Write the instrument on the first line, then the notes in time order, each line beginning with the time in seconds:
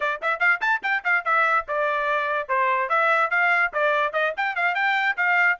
trumpet
0.00 D5
0.21 E5
0.39 F5
0.60 A5
0.82 G5
1.04 F5
1.24 E5
1.68 D5
2.48 C5
2.89 E5
3.30 F5
3.73 D5
4.13 D#5
4.37 G5
4.55 F5
4.74 G5
5.16 F5